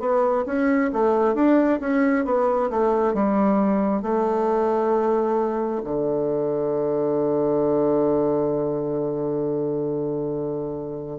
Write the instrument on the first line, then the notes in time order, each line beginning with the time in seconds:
bassoon
0.00 B3
0.46 C#4
0.94 A3
1.35 D4
1.81 C#4
2.26 B3
2.71 A3
3.14 G3
4.03 A3
5.84 D3